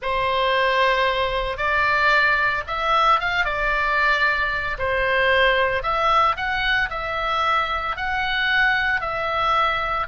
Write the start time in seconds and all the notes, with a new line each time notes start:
0.02 C5
1.57 D5
2.67 E5
3.20 F5
3.44 D5
4.78 C5
5.83 E5
6.36 F#5
6.90 E5
7.96 F#5
9.00 E5